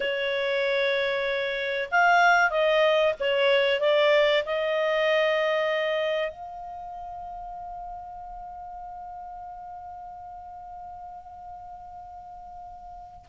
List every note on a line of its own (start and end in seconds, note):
0.00 1.89 C#5
1.91 2.50 F5
2.50 3.13 D#5
3.20 3.80 C#5
3.80 4.43 D5
4.45 6.30 D#5
6.30 13.25 F5